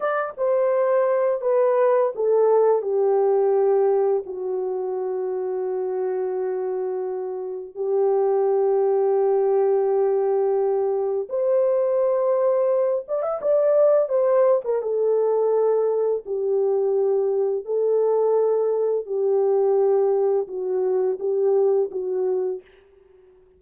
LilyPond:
\new Staff \with { instrumentName = "horn" } { \time 4/4 \tempo 4 = 85 d''8 c''4. b'4 a'4 | g'2 fis'2~ | fis'2. g'4~ | g'1 |
c''2~ c''8 d''16 e''16 d''4 | c''8. ais'16 a'2 g'4~ | g'4 a'2 g'4~ | g'4 fis'4 g'4 fis'4 | }